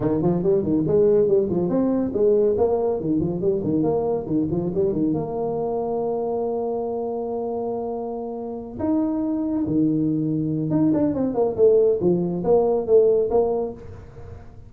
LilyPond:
\new Staff \with { instrumentName = "tuba" } { \time 4/4 \tempo 4 = 140 dis8 f8 g8 dis8 gis4 g8 f8 | c'4 gis4 ais4 dis8 f8 | g8 dis8 ais4 dis8 f8 g8 dis8 | ais1~ |
ais1~ | ais8 dis'2 dis4.~ | dis4 dis'8 d'8 c'8 ais8 a4 | f4 ais4 a4 ais4 | }